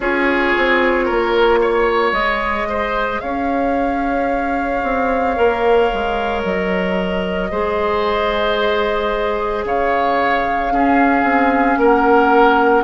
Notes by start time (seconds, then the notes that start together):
0.00 C#4 F4 G#4 C#5
0.57 C4
1.05 A#3 A#4
1.61 C#5
2.12 G#3 G#4 D#5
2.68 C5
3.20 C#4 C#5 F5
4.83 C4
5.36 A#3 A#4
5.92 G#3
6.44 F#3 D#5
7.50 G#3 G#4 C5
9.64 C#3 C#5 F5
10.71 C#4 G#4
11.23 C4
11.77 A#3 A#4 F#5